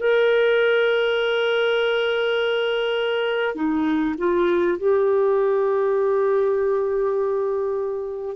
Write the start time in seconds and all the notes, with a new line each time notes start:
0.00 A#4
3.56 D#4
4.18 F4
4.78 G4